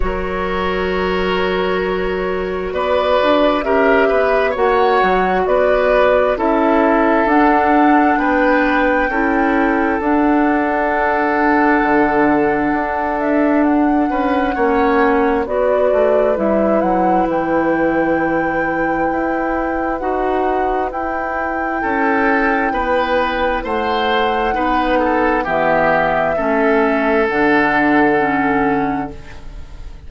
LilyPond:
<<
  \new Staff \with { instrumentName = "flute" } { \time 4/4 \tempo 4 = 66 cis''2. d''4 | e''4 fis''4 d''4 e''4 | fis''4 g''2 fis''4~ | fis''2~ fis''8 e''8 fis''4~ |
fis''4 d''4 e''8 fis''8 g''4~ | g''2 fis''4 g''4~ | g''2 fis''2 | e''2 fis''2 | }
  \new Staff \with { instrumentName = "oboe" } { \time 4/4 ais'2. b'4 | ais'8 b'8 cis''4 b'4 a'4~ | a'4 b'4 a'2~ | a'2.~ a'8 b'8 |
cis''4 b'2.~ | b'1 | a'4 b'4 c''4 b'8 a'8 | g'4 a'2. | }
  \new Staff \with { instrumentName = "clarinet" } { \time 4/4 fis'1 | g'4 fis'2 e'4 | d'2 e'4 d'4~ | d'1 |
cis'4 fis'4 e'2~ | e'2 fis'4 e'4~ | e'2. dis'4 | b4 cis'4 d'4 cis'4 | }
  \new Staff \with { instrumentName = "bassoon" } { \time 4/4 fis2. b8 d'8 | cis'8 b8 ais8 fis8 b4 cis'4 | d'4 b4 cis'4 d'4~ | d'4 d4 d'4. cis'8 |
ais4 b8 a8 g8 fis8 e4~ | e4 e'4 dis'4 e'4 | cis'4 b4 a4 b4 | e4 a4 d2 | }
>>